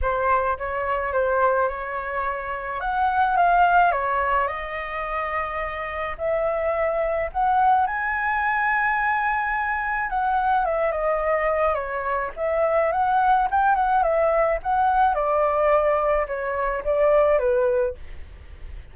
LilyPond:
\new Staff \with { instrumentName = "flute" } { \time 4/4 \tempo 4 = 107 c''4 cis''4 c''4 cis''4~ | cis''4 fis''4 f''4 cis''4 | dis''2. e''4~ | e''4 fis''4 gis''2~ |
gis''2 fis''4 e''8 dis''8~ | dis''4 cis''4 e''4 fis''4 | g''8 fis''8 e''4 fis''4 d''4~ | d''4 cis''4 d''4 b'4 | }